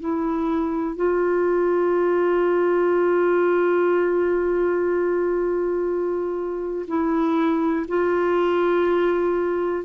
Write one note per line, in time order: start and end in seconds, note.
0.00 0.96 E4
0.96 6.86 F4
6.88 7.86 E4
7.88 9.85 F4